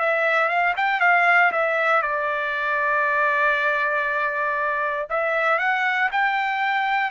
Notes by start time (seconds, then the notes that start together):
0.00 E5
0.49 F5
0.77 G5
1.01 F5
1.52 E5
2.02 D5
5.10 E5
5.59 F#5
6.12 G5